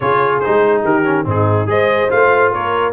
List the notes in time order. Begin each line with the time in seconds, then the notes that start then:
0.00 C#3 F4 G#4 C#5
0.39 D#4 C5
0.47 G#3
0.83 D#3 G4 A#4
1.04 C#4
1.24 G#2 C4 D#4 G#4
1.66 G#3 G#4 C5 D#5
2.08 A3 F4 F5
2.52 A#3 A#4 C#5